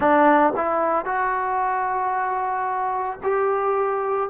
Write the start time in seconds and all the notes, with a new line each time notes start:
0.00 D4
0.56 E4
1.05 F#4
3.23 G4